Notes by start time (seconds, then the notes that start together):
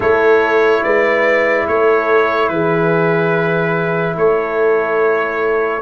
0.00 A3 E4 A4 C#5
0.83 G#3 B4 D5
1.67 A3 A4 C#5
2.48 E3 G#4 B4
4.16 A3 A4 C#5